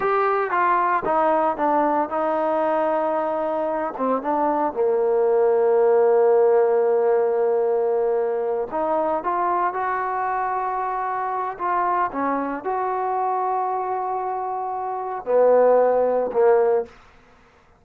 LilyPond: \new Staff \with { instrumentName = "trombone" } { \time 4/4 \tempo 4 = 114 g'4 f'4 dis'4 d'4 | dis'2.~ dis'8 c'8 | d'4 ais2.~ | ais1~ |
ais8 dis'4 f'4 fis'4.~ | fis'2 f'4 cis'4 | fis'1~ | fis'4 b2 ais4 | }